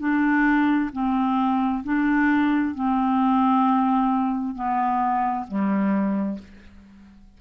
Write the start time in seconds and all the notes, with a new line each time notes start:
0.00 D4
0.93 C4
1.84 D4
2.75 C4
4.55 B3
5.48 G3